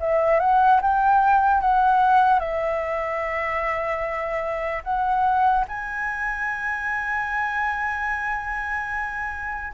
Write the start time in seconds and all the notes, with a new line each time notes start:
0.00 E5
0.40 F#5
0.82 G5
1.61 F#5
2.40 E5
4.84 F#5
5.68 G#5